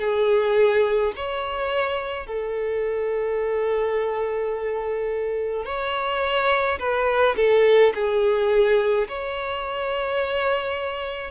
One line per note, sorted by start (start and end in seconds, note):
0.00 1.13 G#4
1.16 2.26 C#5
2.26 5.65 A4
5.65 6.78 C#5
6.79 7.35 B4
7.36 7.93 A4
7.95 9.08 G#4
9.08 11.31 C#5